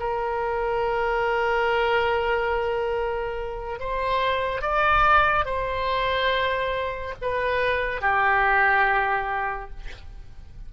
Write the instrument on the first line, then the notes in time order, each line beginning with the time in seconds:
oboe
0.00 A#4
3.80 C5
4.62 D5
5.45 C5
7.22 B4
8.02 G4